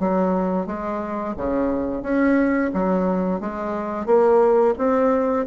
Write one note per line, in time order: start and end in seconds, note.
0.00 0.67 F#3
0.67 1.35 G#3
1.37 2.03 C#3
2.03 2.71 C#4
2.74 3.41 F#3
3.41 4.06 G#3
4.06 4.74 A#3
4.78 5.46 C4